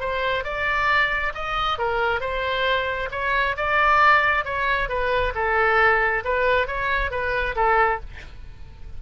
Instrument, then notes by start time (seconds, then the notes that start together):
oboe
0.00 C5
0.44 D5
1.34 D#5
1.78 A#4
2.20 C5
3.11 C#5
3.57 D5
4.45 C#5
4.89 B4
5.35 A4
6.24 B4
6.67 C#5
7.11 B4
7.56 A4